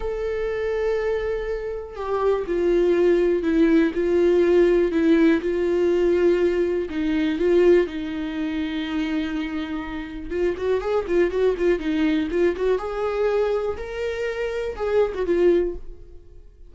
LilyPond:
\new Staff \with { instrumentName = "viola" } { \time 4/4 \tempo 4 = 122 a'1 | g'4 f'2 e'4 | f'2 e'4 f'4~ | f'2 dis'4 f'4 |
dis'1~ | dis'4 f'8 fis'8 gis'8 f'8 fis'8 f'8 | dis'4 f'8 fis'8 gis'2 | ais'2 gis'8. fis'16 f'4 | }